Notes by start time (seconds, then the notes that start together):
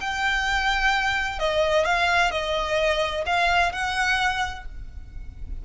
0.00 G5
1.39 D#5
1.85 F5
2.31 D#5
3.26 F5
3.72 F#5